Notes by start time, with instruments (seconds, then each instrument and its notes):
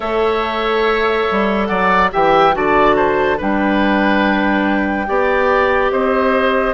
0.00 bassoon A3, clarinet A4, oboe C#5, flute E5
1.31 bassoon G3
1.66 bassoon F#3, oboe D5, flute F#5
2.11 bassoon E3, clarinet G4, oboe E5, flute G5
2.52 bassoon D3, clarinet F#4, oboe D5, flute A5
2.96 oboe C5
3.37 bassoon G3, clarinet D4, oboe B4, flute G5
5.06 bassoon B3, clarinet G4, oboe D5
5.91 bassoon C4, oboe C5, flute D#5